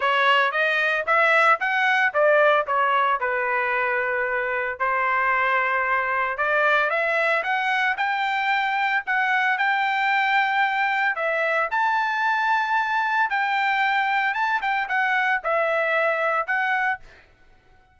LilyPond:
\new Staff \with { instrumentName = "trumpet" } { \time 4/4 \tempo 4 = 113 cis''4 dis''4 e''4 fis''4 | d''4 cis''4 b'2~ | b'4 c''2. | d''4 e''4 fis''4 g''4~ |
g''4 fis''4 g''2~ | g''4 e''4 a''2~ | a''4 g''2 a''8 g''8 | fis''4 e''2 fis''4 | }